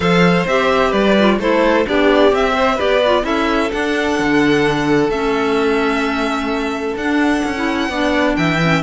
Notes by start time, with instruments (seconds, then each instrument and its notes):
0.00 cello F3, clarinet A4, violin C5 F5
0.46 cello C4, clarinet G4, violin E5
0.88 cello G3, violin B4 D5
1.18 clarinet F4
1.39 cello A3, clarinet E4, violin A4 C5
1.85 cello B3, clarinet D4, violin G4 D5
2.32 cello C4, clarinet C4, violin E5
2.53 violin C5
2.75 cello B3, clarinet G4, violin B4 D5
3.05 clarinet F4
3.22 cello C#4, clarinet E4, violin A4 E5
3.71 clarinet D4, cello D4, violin F#5
4.19 cello D3
5.09 cello A3, clarinet C#4, violin E5
6.95 cello D4, clarinet D4, violin F#5
7.44 cello C#4
7.55 clarinet E4
7.89 cello B3, clarinet D4, violin D5
8.35 cello E3, violin E5 G5
8.61 clarinet C#4